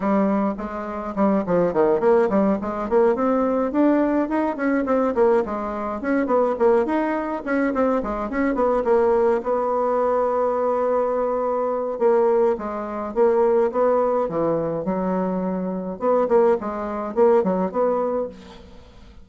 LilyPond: \new Staff \with { instrumentName = "bassoon" } { \time 4/4 \tempo 4 = 105 g4 gis4 g8 f8 dis8 ais8 | g8 gis8 ais8 c'4 d'4 dis'8 | cis'8 c'8 ais8 gis4 cis'8 b8 ais8 | dis'4 cis'8 c'8 gis8 cis'8 b8 ais8~ |
ais8 b2.~ b8~ | b4 ais4 gis4 ais4 | b4 e4 fis2 | b8 ais8 gis4 ais8 fis8 b4 | }